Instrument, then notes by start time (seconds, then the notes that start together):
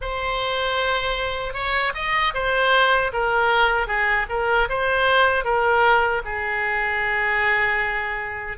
oboe
0.01 C5
1.53 C#5
1.94 D#5
2.33 C5
3.12 A#4
3.87 G#4
4.29 A#4
4.69 C5
5.44 A#4
6.24 G#4